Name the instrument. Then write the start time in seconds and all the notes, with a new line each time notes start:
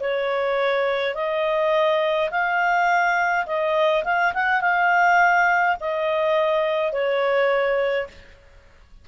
clarinet
0.00 C#5
1.14 D#5
2.31 F5
3.46 D#5
4.04 F5
4.34 F#5
4.61 F5
5.80 D#5
6.92 C#5